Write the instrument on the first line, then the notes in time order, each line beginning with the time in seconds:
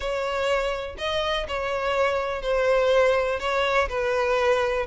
violin
0.00 C#5
0.98 D#5
1.47 C#5
2.41 C5
3.39 C#5
3.88 B4